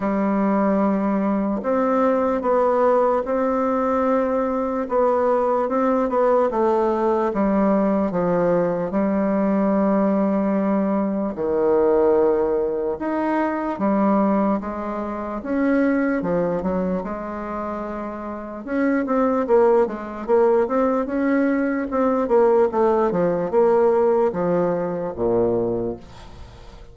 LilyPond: \new Staff \with { instrumentName = "bassoon" } { \time 4/4 \tempo 4 = 74 g2 c'4 b4 | c'2 b4 c'8 b8 | a4 g4 f4 g4~ | g2 dis2 |
dis'4 g4 gis4 cis'4 | f8 fis8 gis2 cis'8 c'8 | ais8 gis8 ais8 c'8 cis'4 c'8 ais8 | a8 f8 ais4 f4 ais,4 | }